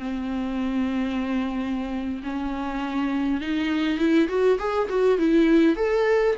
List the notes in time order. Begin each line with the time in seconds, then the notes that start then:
0.00 C4
2.24 C#4
3.41 D#4
3.99 E4
4.29 F#4
4.59 G#4
4.90 F#4
5.19 E4
5.77 A4